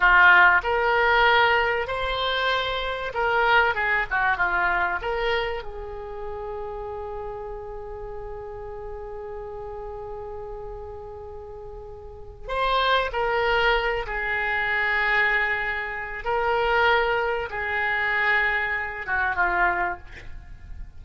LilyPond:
\new Staff \with { instrumentName = "oboe" } { \time 4/4 \tempo 4 = 96 f'4 ais'2 c''4~ | c''4 ais'4 gis'8 fis'8 f'4 | ais'4 gis'2.~ | gis'1~ |
gis'1 | c''4 ais'4. gis'4.~ | gis'2 ais'2 | gis'2~ gis'8 fis'8 f'4 | }